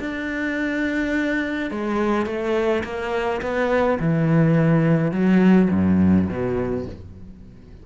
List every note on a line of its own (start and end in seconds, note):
0.00 1.71 D4
1.71 2.26 G#3
2.26 2.84 A3
2.85 3.42 A#3
3.42 3.99 B3
4.00 5.12 E3
5.12 5.69 F#3
5.72 6.29 F#2
6.29 6.86 B2